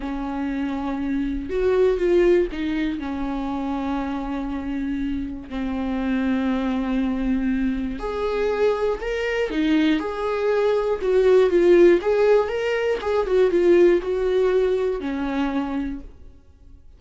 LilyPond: \new Staff \with { instrumentName = "viola" } { \time 4/4 \tempo 4 = 120 cis'2. fis'4 | f'4 dis'4 cis'2~ | cis'2. c'4~ | c'1 |
gis'2 ais'4 dis'4 | gis'2 fis'4 f'4 | gis'4 ais'4 gis'8 fis'8 f'4 | fis'2 cis'2 | }